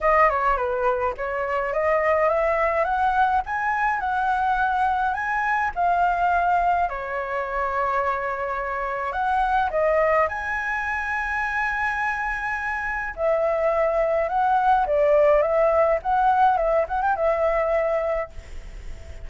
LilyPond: \new Staff \with { instrumentName = "flute" } { \time 4/4 \tempo 4 = 105 dis''8 cis''8 b'4 cis''4 dis''4 | e''4 fis''4 gis''4 fis''4~ | fis''4 gis''4 f''2 | cis''1 |
fis''4 dis''4 gis''2~ | gis''2. e''4~ | e''4 fis''4 d''4 e''4 | fis''4 e''8 fis''16 g''16 e''2 | }